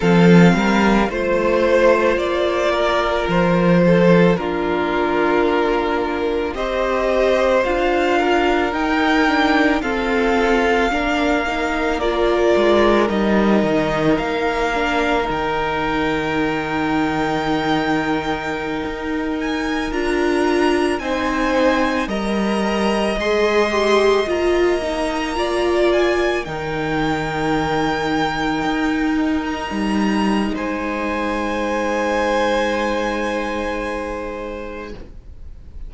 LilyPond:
<<
  \new Staff \with { instrumentName = "violin" } { \time 4/4 \tempo 4 = 55 f''4 c''4 d''4 c''4 | ais'2 dis''4 f''4 | g''4 f''2 d''4 | dis''4 f''4 g''2~ |
g''4.~ g''16 gis''8 ais''4 gis''8.~ | gis''16 ais''4 c'''4 ais''4. gis''16~ | gis''16 g''2~ g''8. ais''4 | gis''1 | }
  \new Staff \with { instrumentName = "violin" } { \time 4/4 a'8 ais'8 c''4. ais'4 a'8 | f'2 c''4. ais'8~ | ais'4 a'4 ais'2~ | ais'1~ |
ais'2.~ ais'16 c''8.~ | c''16 dis''2. d''8.~ | d''16 ais'2.~ ais'8. | c''1 | }
  \new Staff \with { instrumentName = "viola" } { \time 4/4 c'4 f'2. | d'2 g'4 f'4 | dis'8 d'8 c'4 d'8 dis'8 f'4 | dis'4. d'8 dis'2~ |
dis'2~ dis'16 f'4 dis'8.~ | dis'16 ais'4 gis'8 g'8 f'8 dis'8 f'8.~ | f'16 dis'2.~ dis'8.~ | dis'1 | }
  \new Staff \with { instrumentName = "cello" } { \time 4/4 f8 g8 a4 ais4 f4 | ais2 c'4 d'4 | dis'4 f'4 ais4. gis8 | g8 dis8 ais4 dis2~ |
dis4~ dis16 dis'4 d'4 c'8.~ | c'16 g4 gis4 ais4.~ ais16~ | ais16 dis2 dis'4 g8. | gis1 | }
>>